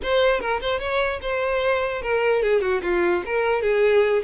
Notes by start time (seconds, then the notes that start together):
0.02 C5
0.40 A#4
0.61 C5
0.79 C#5
1.21 C5
2.02 A#4
2.42 G#4
2.61 F#4
2.82 F4
3.25 A#4
3.62 G#4